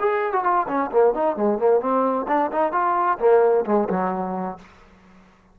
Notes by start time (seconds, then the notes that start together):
0.00 G#4
0.33 F#4
0.44 F4
0.68 C#4
0.91 A#3
1.14 D#4
1.36 G#3
1.58 A#3
1.80 C4
2.28 D4
2.52 D#4
2.72 F4
3.19 A#3
3.66 G#3
3.89 F#3